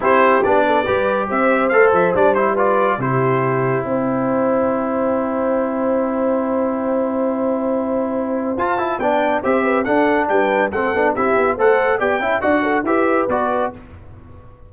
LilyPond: <<
  \new Staff \with { instrumentName = "trumpet" } { \time 4/4 \tempo 4 = 140 c''4 d''2 e''4 | f''8 e''8 d''8 c''8 d''4 c''4~ | c''4 g''2.~ | g''1~ |
g''1 | a''4 g''4 e''4 fis''4 | g''4 fis''4 e''4 fis''4 | g''4 fis''4 e''4 d''4 | }
  \new Staff \with { instrumentName = "horn" } { \time 4/4 g'4. a'8 b'4 c''4~ | c''2 b'4 g'4~ | g'4 c''2.~ | c''1~ |
c''1~ | c''4 d''4 c''8 b'8 a'4 | b'4 a'4 g'4 c''4 | d''8 e''8 d''8 a'8 b'2 | }
  \new Staff \with { instrumentName = "trombone" } { \time 4/4 e'4 d'4 g'2 | a'4 d'8 e'8 f'4 e'4~ | e'1~ | e'1~ |
e'1 | f'8 e'8 d'4 g'4 d'4~ | d'4 c'8 d'8 e'4 a'4 | g'8 e'8 fis'4 g'4 fis'4 | }
  \new Staff \with { instrumentName = "tuba" } { \time 4/4 c'4 b4 g4 c'4 | a8 f8 g2 c4~ | c4 c'2.~ | c'1~ |
c'1 | f'4 b4 c'4 d'4 | g4 a8 b8 c'8 b8 a4 | b8 cis'8 d'4 e'4 b4 | }
>>